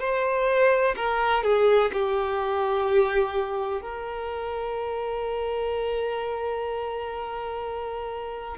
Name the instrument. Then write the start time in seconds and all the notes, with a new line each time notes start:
violin
0.00 C5
0.97 A#4
1.44 G#4
1.93 G4
3.82 A#4